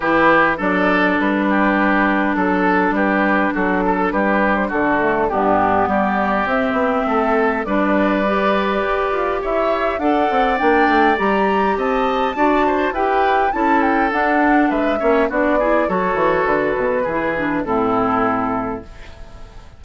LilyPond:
<<
  \new Staff \with { instrumentName = "flute" } { \time 4/4 \tempo 4 = 102 b'4 d''4 b'2 | a'4 b'4 a'4 b'8. c''16 | a'4 g'4 d''4 e''4~ | e''4 d''2. |
e''4 fis''4 g''4 ais''4 | a''2 g''4 a''8 g''8 | fis''4 e''4 d''4 cis''4 | b'2 a'2 | }
  \new Staff \with { instrumentName = "oboe" } { \time 4/4 g'4 a'4. g'4. | a'4 g'4 fis'8 a'8 g'4 | fis'4 d'4 g'2 | a'4 b'2. |
cis''4 d''2. | dis''4 d''8 c''8 b'4 a'4~ | a'4 b'8 cis''8 fis'8 gis'8 a'4~ | a'4 gis'4 e'2 | }
  \new Staff \with { instrumentName = "clarinet" } { \time 4/4 e'4 d'2.~ | d'1~ | d'8 a8 b2 c'4~ | c'4 d'4 g'2~ |
g'4 a'4 d'4 g'4~ | g'4 fis'4 g'4 e'4 | d'4. cis'8 d'8 e'8 fis'4~ | fis'4 e'8 d'8 c'2 | }
  \new Staff \with { instrumentName = "bassoon" } { \time 4/4 e4 fis4 g2 | fis4 g4 fis4 g4 | d4 g,4 g4 c'8 b8 | a4 g2 g'8 f'8 |
e'4 d'8 c'8 ais8 a8 g4 | c'4 d'4 e'4 cis'4 | d'4 gis8 ais8 b4 fis8 e8 | d8 b,8 e4 a,2 | }
>>